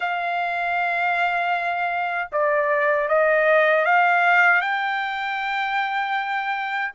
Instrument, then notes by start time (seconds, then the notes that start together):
trumpet
0.00 F5
2.31 D5
3.08 D#5
3.85 F5
4.61 G5